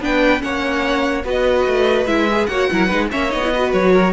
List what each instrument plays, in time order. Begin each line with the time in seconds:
0.00 cello B3, viola D4, violin B4 G5
0.39 cello A#3, viola C#4, violin C#5 F#5
1.24 cello B3, viola F#4, violin B4 D#5
1.66 cello A3
2.06 cello G#3, viola E4, violin E5
2.31 viola G#4
2.46 cello A#3, viola F#4, violin C#5 F#5
2.71 cello F#3, viola E4, violin A#4
2.86 cello G#3, viola D#4, violin B4
3.10 cello A#3, viola C#4, violin C#5 E5
3.30 cello B3, viola D#4, violin D#5
3.43 viola E4
3.54 viola F#4, violin B4
3.72 cello F#3, violin C#5
3.92 violin A#4